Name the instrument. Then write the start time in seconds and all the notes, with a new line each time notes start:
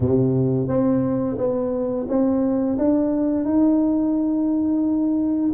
tuba
0.00 C3
0.68 C4
1.37 B3
2.08 C4
2.78 D4
3.45 D#4